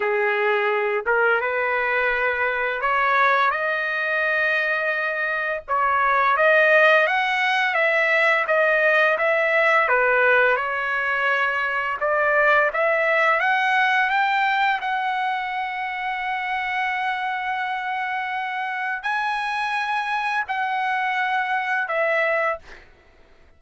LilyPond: \new Staff \with { instrumentName = "trumpet" } { \time 4/4 \tempo 4 = 85 gis'4. ais'8 b'2 | cis''4 dis''2. | cis''4 dis''4 fis''4 e''4 | dis''4 e''4 b'4 cis''4~ |
cis''4 d''4 e''4 fis''4 | g''4 fis''2.~ | fis''2. gis''4~ | gis''4 fis''2 e''4 | }